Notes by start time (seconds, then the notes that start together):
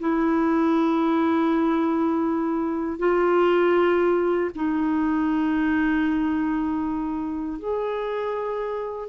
0.00 E4
2.99 F4
4.55 D#4
7.59 G#4